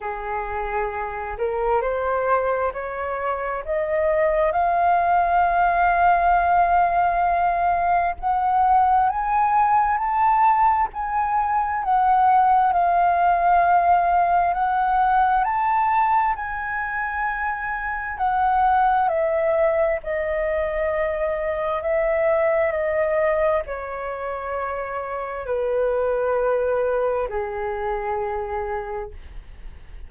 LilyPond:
\new Staff \with { instrumentName = "flute" } { \time 4/4 \tempo 4 = 66 gis'4. ais'8 c''4 cis''4 | dis''4 f''2.~ | f''4 fis''4 gis''4 a''4 | gis''4 fis''4 f''2 |
fis''4 a''4 gis''2 | fis''4 e''4 dis''2 | e''4 dis''4 cis''2 | b'2 gis'2 | }